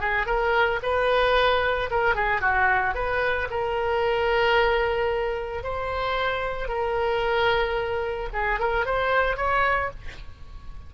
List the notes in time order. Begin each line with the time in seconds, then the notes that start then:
0.00 G#4
0.26 A#4
0.83 B4
1.90 A#4
2.15 G#4
2.41 F#4
2.94 B4
3.50 A#4
5.63 C5
6.68 A#4
8.33 G#4
8.59 A#4
8.85 C5
9.37 C#5